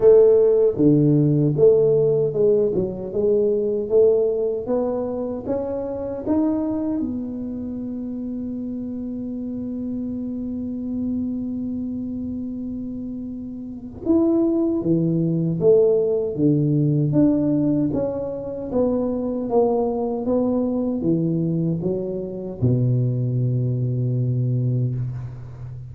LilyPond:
\new Staff \with { instrumentName = "tuba" } { \time 4/4 \tempo 4 = 77 a4 d4 a4 gis8 fis8 | gis4 a4 b4 cis'4 | dis'4 b2.~ | b1~ |
b2 e'4 e4 | a4 d4 d'4 cis'4 | b4 ais4 b4 e4 | fis4 b,2. | }